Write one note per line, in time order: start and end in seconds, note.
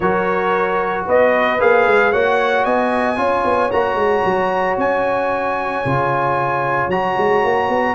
0.00 1.06 F#3
0.00 1.59 F#4
0.00 1.06 A#4
0.00 1.05 C#5
1.06 1.60 B3
1.06 2.12 B4
1.06 1.61 D#5
1.59 1.86 A#3
1.59 2.12 G#4
1.59 2.12 F5
1.86 2.13 G#3
2.12 2.65 A#3
2.12 3.16 F#4
2.12 2.65 C#5
2.12 2.64 F#5
2.64 3.17 B3
2.64 3.18 D#5
2.64 3.70 G#5
3.16 3.43 C#4
3.16 3.69 F4
3.16 7.94 C#5
3.44 3.71 B3
3.71 3.94 A#3
3.71 5.84 F#4
3.71 4.77 A#5
3.94 4.21 G#3
4.25 4.77 F#3
4.77 5.83 C#4
4.77 6.90 G#5
5.85 6.87 C#3
5.85 6.91 F4
6.87 7.14 F#3
6.87 7.94 F#4
6.87 7.94 A#5
7.17 7.44 G#3
7.44 7.68 A#3
7.68 7.94 B3